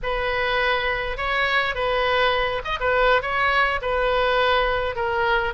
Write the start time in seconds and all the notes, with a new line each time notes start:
0.02 B4
1.17 C#5
1.74 B4
2.64 D#5
2.80 B4
3.22 C#5
3.81 B4
4.95 A#4